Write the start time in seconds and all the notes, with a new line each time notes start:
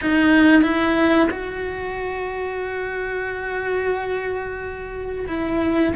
0.01 D#4
0.62 E4
1.30 F#4
5.27 E4